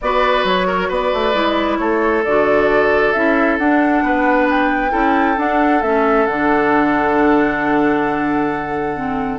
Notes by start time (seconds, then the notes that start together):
0.01 B3 F#4 B4 D5
0.44 F#3 C#5
0.67 A#4
0.88 B3 B4 D5
1.13 A3
1.33 G#3 E4
1.78 A3 A4 C#5
2.23 D3 F#4 D5
3.12 C#4 E4 E5
3.58 D4 F#5
4.02 B3 B4
4.49 G5
4.90 C#4 E4 A4
5.37 D4 F#5
5.82 A3 C#4 E5
6.26 D3 D4 F#5
8.96 C4